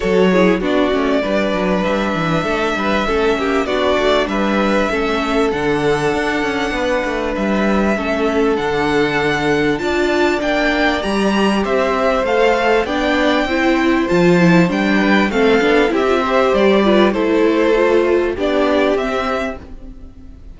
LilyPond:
<<
  \new Staff \with { instrumentName = "violin" } { \time 4/4 \tempo 4 = 98 cis''4 d''2 e''4~ | e''2 d''4 e''4~ | e''4 fis''2. | e''2 fis''2 |
a''4 g''4 ais''4 e''4 | f''4 g''2 a''4 | g''4 f''4 e''4 d''4 | c''2 d''4 e''4 | }
  \new Staff \with { instrumentName = "violin" } { \time 4/4 a'8 gis'8 fis'4 b'2 | a'8 b'8 a'8 g'8 fis'4 b'4 | a'2. b'4~ | b'4 a'2. |
d''2. c''4~ | c''4 d''4 c''2~ | c''8 b'8 a'4 g'8 c''4 b'8 | a'2 g'2 | }
  \new Staff \with { instrumentName = "viola" } { \time 4/4 fis'8 e'8 d'8 cis'8 d'2~ | d'4 cis'4 d'2 | cis'4 d'2.~ | d'4 cis'4 d'2 |
f'4 d'4 g'2 | a'4 d'4 e'4 f'8 e'8 | d'4 c'8 d'8 e'16 f'16 g'4 f'8 | e'4 f'4 d'4 c'4 | }
  \new Staff \with { instrumentName = "cello" } { \time 4/4 fis4 b8 a8 g8 fis8 g8 e8 | a8 g8 a8 ais8 b8 a8 g4 | a4 d4 d'8 cis'8 b8 a8 | g4 a4 d2 |
d'4 ais4 g4 c'4 | a4 b4 c'4 f4 | g4 a8 b8 c'4 g4 | a2 b4 c'4 | }
>>